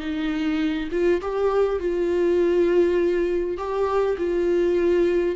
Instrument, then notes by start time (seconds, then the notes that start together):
viola
0.00 D#4
0.92 F4
1.22 G4
1.80 F4
3.58 G4
4.18 F4